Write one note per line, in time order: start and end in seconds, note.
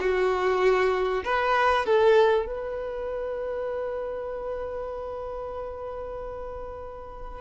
0.00 1.24 F#4
1.25 1.86 B4
1.86 2.46 A4
2.46 7.41 B4